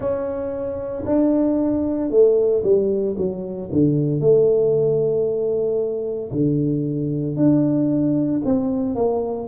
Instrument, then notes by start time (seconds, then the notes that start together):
tuba
0.00 C#4
1.05 D4
2.10 A3
2.63 G3
3.17 F#3
3.71 D3
4.20 A3
6.32 D3
7.36 D4
8.44 C4
8.95 A#3